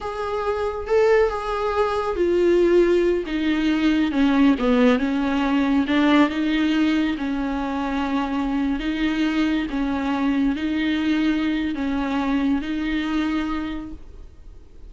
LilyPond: \new Staff \with { instrumentName = "viola" } { \time 4/4 \tempo 4 = 138 gis'2 a'4 gis'4~ | gis'4 f'2~ f'8 dis'8~ | dis'4. cis'4 b4 cis'8~ | cis'4. d'4 dis'4.~ |
dis'8 cis'2.~ cis'8~ | cis'16 dis'2 cis'4.~ cis'16~ | cis'16 dis'2~ dis'8. cis'4~ | cis'4 dis'2. | }